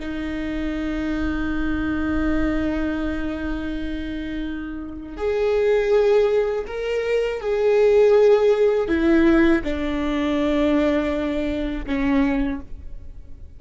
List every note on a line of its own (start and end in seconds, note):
0.00 5.17 D#4
5.17 6.65 G#4
6.67 7.41 A#4
7.41 8.88 G#4
8.88 9.62 E4
9.64 11.86 D4
11.86 12.60 C#4